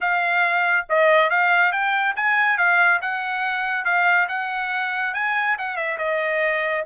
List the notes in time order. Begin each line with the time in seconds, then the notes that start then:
0.00 F5
0.89 D#5
1.30 F5
1.72 G5
2.16 G#5
2.57 F5
3.01 F#5
3.85 F5
4.28 F#5
5.14 G#5
5.58 F#5
5.76 E5
5.98 D#5